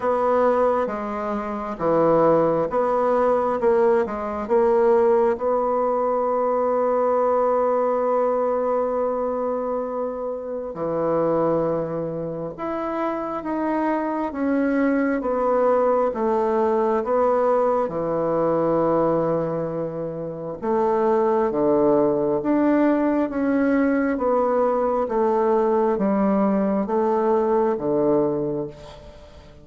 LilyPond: \new Staff \with { instrumentName = "bassoon" } { \time 4/4 \tempo 4 = 67 b4 gis4 e4 b4 | ais8 gis8 ais4 b2~ | b1 | e2 e'4 dis'4 |
cis'4 b4 a4 b4 | e2. a4 | d4 d'4 cis'4 b4 | a4 g4 a4 d4 | }